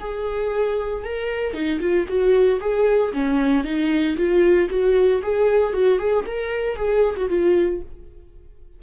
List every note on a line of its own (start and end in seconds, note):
0.00 1.04 G#4
1.04 1.53 A#4
1.53 1.80 D#4
1.80 2.06 F4
2.08 2.60 F#4
2.60 3.12 G#4
3.13 3.64 C#4
3.64 4.16 D#4
4.17 4.69 F4
4.70 5.22 F#4
5.22 5.73 G#4
5.73 5.99 F#4
5.99 6.25 G#4
6.26 6.76 A#4
6.76 7.15 G#4
7.16 7.29 F#4
7.29 7.81 F4